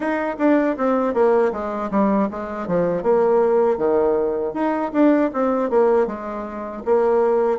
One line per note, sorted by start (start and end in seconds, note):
0.00 0.36 D#4
0.38 0.76 D4
0.77 1.14 C4
1.14 1.52 A#3
1.52 1.90 G#3
1.91 2.29 G3
2.30 2.67 G#3
2.67 3.02 F3
3.02 3.77 A#3
3.77 4.53 D#3
4.53 4.91 D#4
4.93 5.31 D4
5.33 5.70 C4
5.70 6.06 A#3
6.06 6.82 G#3
6.85 7.58 A#3